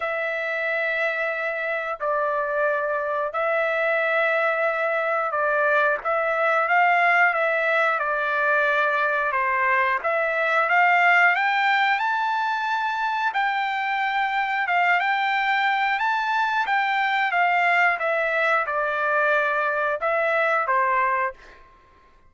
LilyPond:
\new Staff \with { instrumentName = "trumpet" } { \time 4/4 \tempo 4 = 90 e''2. d''4~ | d''4 e''2. | d''4 e''4 f''4 e''4 | d''2 c''4 e''4 |
f''4 g''4 a''2 | g''2 f''8 g''4. | a''4 g''4 f''4 e''4 | d''2 e''4 c''4 | }